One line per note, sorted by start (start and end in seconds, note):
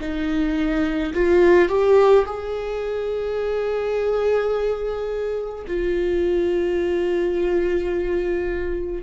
0.00 1.13 D#4
1.14 1.69 F4
1.69 2.25 G4
2.25 5.65 G#4
5.67 9.03 F4